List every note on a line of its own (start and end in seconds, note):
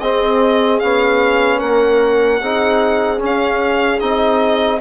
0.00 0.80 C4
0.00 0.82 C4
0.00 1.58 G#4
0.00 0.80 D#5
0.80 1.62 B3
0.80 2.42 C#4
0.80 1.60 F5
1.58 2.41 A#3
1.58 2.38 A#4
1.58 3.20 F#5
2.41 3.21 C4
2.41 3.18 D#4
2.41 4.81 G#4
3.18 3.98 C#4
3.18 4.01 C#4
3.26 4.00 F5
4.00 4.81 C4
4.00 4.81 D#4
4.00 4.79 D#5